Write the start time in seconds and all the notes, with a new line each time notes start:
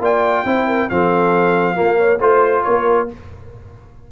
0.00 A#3 F4 D5 G5
0.45 C4 E4 C5
0.67 A#4
0.90 F3 C4 A4 F5
1.75 A#3 F4
1.98 C#5
2.19 A3 F4 C5
2.64 A#3 A#4 C#5